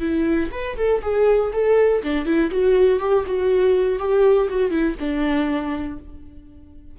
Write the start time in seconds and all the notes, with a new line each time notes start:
0.00 E4
0.52 B4
0.77 A4
1.02 G#4
1.53 A4
2.03 D4
2.26 E4
2.51 F#4
3.00 G4
3.26 F#4
3.99 G4
4.49 F#4
4.71 E4
4.99 D4